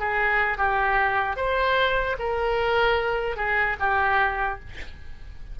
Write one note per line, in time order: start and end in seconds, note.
0.00 0.57 G#4
0.57 1.36 G4
1.36 2.16 C5
2.19 3.37 A#4
3.37 3.77 G#4
3.80 4.60 G4